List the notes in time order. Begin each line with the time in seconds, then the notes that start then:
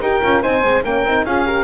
0.00 D#4 G4 A#4 G5
0.23 C#4 F4
0.41 C4 D#4 C5 G#5
0.61 G#3 C4
0.84 A#3 C#4 A#4 G5
1.04 C4 D#4
1.24 C#4 F4 G#4 F5
1.45 G4 A#4